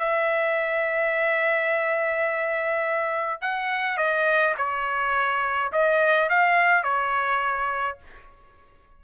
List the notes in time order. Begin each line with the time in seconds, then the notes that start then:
0.00 E5
3.42 F#5
3.98 D#5
4.58 C#5
5.73 D#5
6.30 F5
6.84 C#5